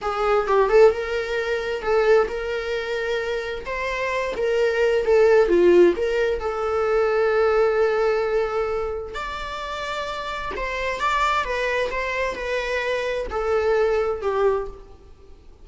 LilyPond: \new Staff \with { instrumentName = "viola" } { \time 4/4 \tempo 4 = 131 gis'4 g'8 a'8 ais'2 | a'4 ais'2. | c''4. ais'4. a'4 | f'4 ais'4 a'2~ |
a'1 | d''2. c''4 | d''4 b'4 c''4 b'4~ | b'4 a'2 g'4 | }